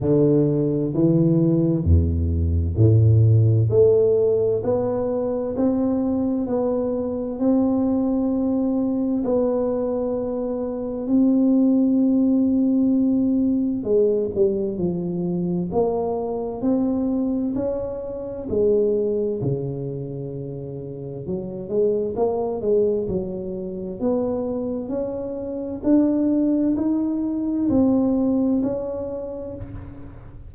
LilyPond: \new Staff \with { instrumentName = "tuba" } { \time 4/4 \tempo 4 = 65 d4 e4 e,4 a,4 | a4 b4 c'4 b4 | c'2 b2 | c'2. gis8 g8 |
f4 ais4 c'4 cis'4 | gis4 cis2 fis8 gis8 | ais8 gis8 fis4 b4 cis'4 | d'4 dis'4 c'4 cis'4 | }